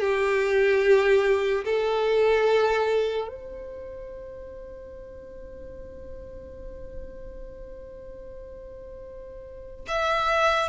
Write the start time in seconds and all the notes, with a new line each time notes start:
0.00 G4
1.65 A4
3.28 C5
9.88 E5